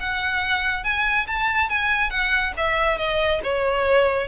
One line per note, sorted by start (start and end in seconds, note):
0.00 0.84 F#5
0.84 1.27 G#5
1.27 1.70 A5
1.70 2.10 G#5
2.10 2.53 F#5
2.57 2.98 E5
2.98 3.41 D#5
3.43 4.28 C#5